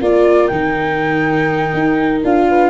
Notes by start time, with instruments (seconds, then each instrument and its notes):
0.00 tuba A#3, viola F4, horn A#4, flute D5
0.47 tuba D#3, viola D#4, flute G5
1.73 tuba D#4
2.24 tuba D4, viola F4, flute F5
2.48 horn B4